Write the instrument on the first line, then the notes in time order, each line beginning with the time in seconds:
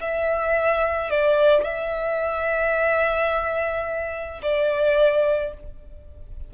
violin
0.00 E5
1.10 D5
1.63 E5
4.42 D5